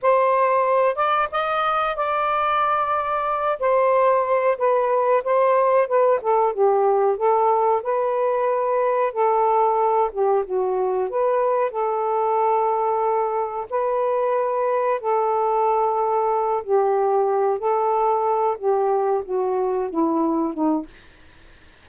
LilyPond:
\new Staff \with { instrumentName = "saxophone" } { \time 4/4 \tempo 4 = 92 c''4. d''8 dis''4 d''4~ | d''4. c''4. b'4 | c''4 b'8 a'8 g'4 a'4 | b'2 a'4. g'8 |
fis'4 b'4 a'2~ | a'4 b'2 a'4~ | a'4. g'4. a'4~ | a'8 g'4 fis'4 e'4 dis'8 | }